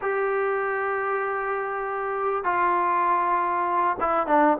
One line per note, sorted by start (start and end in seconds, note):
0.01 2.44 G4
2.44 3.97 F4
4.00 4.27 E4
4.27 4.57 D4